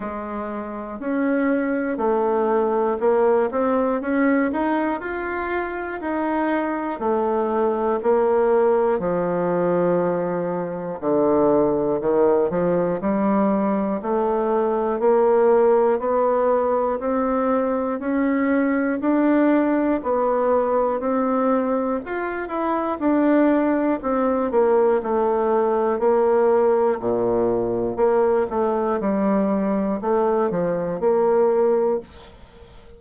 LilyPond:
\new Staff \with { instrumentName = "bassoon" } { \time 4/4 \tempo 4 = 60 gis4 cis'4 a4 ais8 c'8 | cis'8 dis'8 f'4 dis'4 a4 | ais4 f2 d4 | dis8 f8 g4 a4 ais4 |
b4 c'4 cis'4 d'4 | b4 c'4 f'8 e'8 d'4 | c'8 ais8 a4 ais4 ais,4 | ais8 a8 g4 a8 f8 ais4 | }